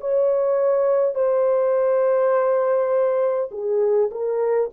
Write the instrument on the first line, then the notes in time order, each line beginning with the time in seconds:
horn
0.00 C#5
1.14 C5
3.51 G#4
4.11 A#4